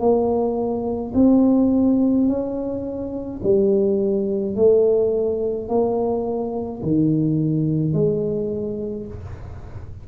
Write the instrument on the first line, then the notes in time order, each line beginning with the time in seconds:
tuba
0.00 A#3
1.15 C4
2.28 C#4
3.43 G3
4.56 A3
5.69 A#3
6.82 D#3
7.93 G#3